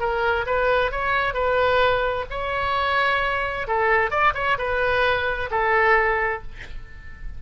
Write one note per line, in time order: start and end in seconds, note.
0.00 0.46 A#4
0.47 0.92 B4
0.92 1.34 C#5
1.34 2.26 B4
2.30 3.68 C#5
3.68 4.11 A4
4.11 4.34 D5
4.35 4.58 C#5
4.59 5.50 B4
5.51 6.42 A4